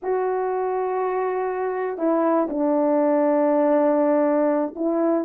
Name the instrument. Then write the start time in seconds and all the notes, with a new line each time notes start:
horn
0.02 F#4
1.97 E4
2.49 D4
4.75 E4